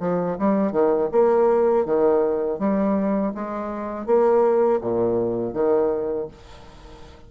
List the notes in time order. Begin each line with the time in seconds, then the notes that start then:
0.00 F3
0.39 G3
0.72 D#3
1.12 A#3
1.86 D#3
2.59 G3
3.35 G#3
4.06 A#3
4.81 A#2
5.54 D#3